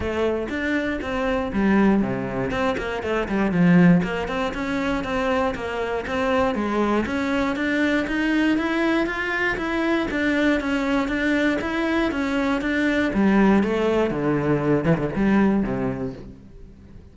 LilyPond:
\new Staff \with { instrumentName = "cello" } { \time 4/4 \tempo 4 = 119 a4 d'4 c'4 g4 | c4 c'8 ais8 a8 g8 f4 | ais8 c'8 cis'4 c'4 ais4 | c'4 gis4 cis'4 d'4 |
dis'4 e'4 f'4 e'4 | d'4 cis'4 d'4 e'4 | cis'4 d'4 g4 a4 | d4. e16 d16 g4 c4 | }